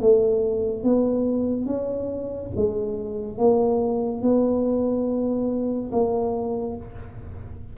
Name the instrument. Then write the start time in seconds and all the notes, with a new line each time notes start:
tuba
0.00 A3
0.84 B3
1.66 C#4
2.56 G#3
3.38 A#3
4.22 B3
5.92 A#3